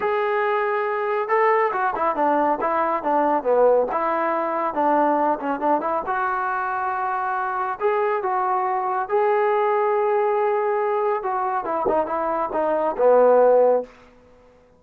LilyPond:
\new Staff \with { instrumentName = "trombone" } { \time 4/4 \tempo 4 = 139 gis'2. a'4 | fis'8 e'8 d'4 e'4 d'4 | b4 e'2 d'4~ | d'8 cis'8 d'8 e'8 fis'2~ |
fis'2 gis'4 fis'4~ | fis'4 gis'2.~ | gis'2 fis'4 e'8 dis'8 | e'4 dis'4 b2 | }